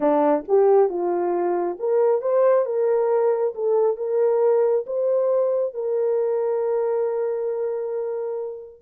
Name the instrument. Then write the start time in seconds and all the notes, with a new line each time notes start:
horn
0.00 D4
0.48 G4
0.89 F4
1.79 A#4
2.21 C5
2.65 A#4
3.54 A4
3.97 A#4
4.86 C5
5.74 A#4